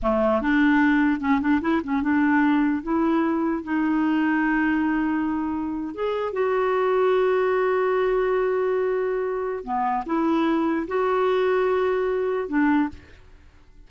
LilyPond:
\new Staff \with { instrumentName = "clarinet" } { \time 4/4 \tempo 4 = 149 a4 d'2 cis'8 d'8 | e'8 cis'8 d'2 e'4~ | e'4 dis'2.~ | dis'2~ dis'8. gis'4 fis'16~ |
fis'1~ | fis'1 | b4 e'2 fis'4~ | fis'2. d'4 | }